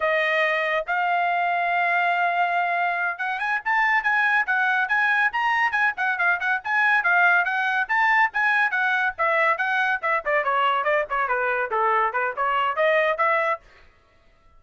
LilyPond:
\new Staff \with { instrumentName = "trumpet" } { \time 4/4 \tempo 4 = 141 dis''2 f''2~ | f''2.~ f''8 fis''8 | gis''8 a''4 gis''4 fis''4 gis''8~ | gis''8 ais''4 gis''8 fis''8 f''8 fis''8 gis''8~ |
gis''8 f''4 fis''4 a''4 gis''8~ | gis''8 fis''4 e''4 fis''4 e''8 | d''8 cis''4 d''8 cis''8 b'4 a'8~ | a'8 b'8 cis''4 dis''4 e''4 | }